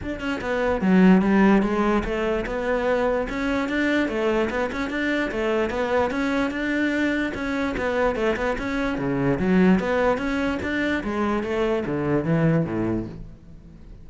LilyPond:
\new Staff \with { instrumentName = "cello" } { \time 4/4 \tempo 4 = 147 d'8 cis'8 b4 fis4 g4 | gis4 a4 b2 | cis'4 d'4 a4 b8 cis'8 | d'4 a4 b4 cis'4 |
d'2 cis'4 b4 | a8 b8 cis'4 cis4 fis4 | b4 cis'4 d'4 gis4 | a4 d4 e4 a,4 | }